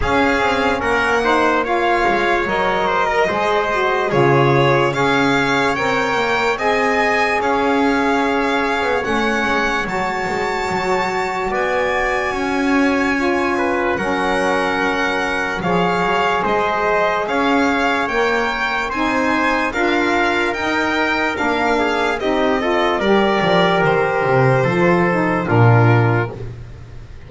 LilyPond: <<
  \new Staff \with { instrumentName = "violin" } { \time 4/4 \tempo 4 = 73 f''4 fis''4 f''4 dis''4~ | dis''4 cis''4 f''4 g''4 | gis''4 f''2 fis''4 | a''2 gis''2~ |
gis''4 fis''2 f''4 | dis''4 f''4 g''4 gis''4 | f''4 g''4 f''4 dis''4 | d''4 c''2 ais'4 | }
  \new Staff \with { instrumentName = "trumpet" } { \time 4/4 gis'4 ais'8 c''8 cis''4. c''16 ais'16 | c''4 gis'4 cis''2 | dis''4 cis''2.~ | cis''2 d''4 cis''4~ |
cis''8 b'8 ais'2 cis''4 | c''4 cis''2 c''4 | ais'2~ ais'8 gis'8 g'8 a'8 | ais'2 a'4 f'4 | }
  \new Staff \with { instrumentName = "saxophone" } { \time 4/4 cis'4. dis'8 f'4 ais'4 | gis'8 fis'8 f'4 gis'4 ais'4 | gis'2. cis'4 | fis'1 |
f'4 cis'2 gis'4~ | gis'2 ais'4 dis'4 | f'4 dis'4 d'4 dis'8 f'8 | g'2 f'8 dis'8 d'4 | }
  \new Staff \with { instrumentName = "double bass" } { \time 4/4 cis'8 c'8 ais4. gis8 fis4 | gis4 cis4 cis'4 c'8 ais8 | c'4 cis'4.~ cis'16 b16 a8 gis8 | fis8 gis8 fis4 b4 cis'4~ |
cis'4 fis2 f8 fis8 | gis4 cis'4 ais4 c'4 | d'4 dis'4 ais4 c'4 | g8 f8 dis8 c8 f4 ais,4 | }
>>